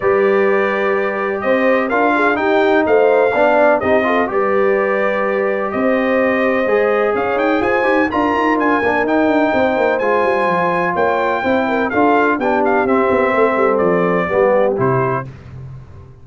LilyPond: <<
  \new Staff \with { instrumentName = "trumpet" } { \time 4/4 \tempo 4 = 126 d''2. dis''4 | f''4 g''4 f''2 | dis''4 d''2. | dis''2. f''8 g''8 |
gis''4 ais''4 gis''4 g''4~ | g''4 gis''2 g''4~ | g''4 f''4 g''8 f''8 e''4~ | e''4 d''2 c''4 | }
  \new Staff \with { instrumentName = "horn" } { \time 4/4 b'2. c''4 | ais'8 gis'8 g'4 c''4 d''4 | g'8 a'8 b'2. | c''2. cis''4 |
c''4 ais'2. | c''2. cis''4 | c''8 ais'8 a'4 g'2 | a'2 g'2 | }
  \new Staff \with { instrumentName = "trombone" } { \time 4/4 g'1 | f'4 dis'2 d'4 | dis'8 f'8 g'2.~ | g'2 gis'2~ |
gis'8 g'8 f'4. d'8 dis'4~ | dis'4 f'2. | e'4 f'4 d'4 c'4~ | c'2 b4 e'4 | }
  \new Staff \with { instrumentName = "tuba" } { \time 4/4 g2. c'4 | d'4 dis'4 a4 b4 | c'4 g2. | c'2 gis4 cis'8 dis'8 |
f'8 dis'8 d'8 dis'8 d'8 ais8 dis'8 d'8 | c'8 ais8 gis8 g8 f4 ais4 | c'4 d'4 b4 c'8 b8 | a8 g8 f4 g4 c4 | }
>>